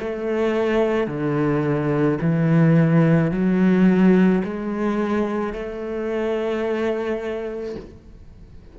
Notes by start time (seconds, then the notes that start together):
0.00 A3
1.08 D3
2.21 E3
3.32 F#3
4.44 G#3
5.54 A3